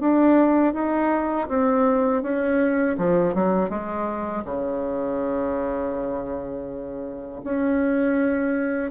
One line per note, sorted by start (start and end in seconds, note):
0.00 0.74 D4
0.74 1.48 D#4
1.48 2.23 C4
2.23 2.97 C#4
2.98 3.34 F3
3.34 3.70 F#3
3.70 4.44 G#3
4.45 7.41 C#3
7.44 8.91 C#4